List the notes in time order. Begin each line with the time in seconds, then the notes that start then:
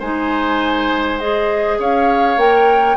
0.00 G#3 D#4 C5 G#5
1.19 G#4 D#5
1.79 C#4 C#5 F5
2.37 A#3 A#4 G5